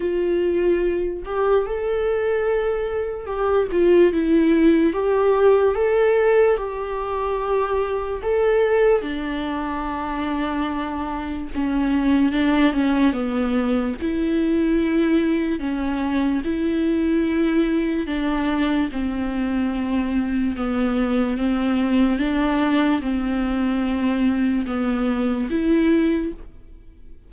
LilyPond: \new Staff \with { instrumentName = "viola" } { \time 4/4 \tempo 4 = 73 f'4. g'8 a'2 | g'8 f'8 e'4 g'4 a'4 | g'2 a'4 d'4~ | d'2 cis'4 d'8 cis'8 |
b4 e'2 cis'4 | e'2 d'4 c'4~ | c'4 b4 c'4 d'4 | c'2 b4 e'4 | }